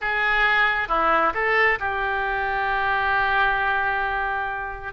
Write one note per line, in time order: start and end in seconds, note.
0.01 0.88 G#4
0.88 1.33 E4
1.34 1.78 A4
1.79 4.93 G4